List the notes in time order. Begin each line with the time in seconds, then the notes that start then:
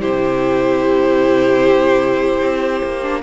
0.00 C3 E4 G4 C5
2.42 C4
2.84 A#3
3.03 D4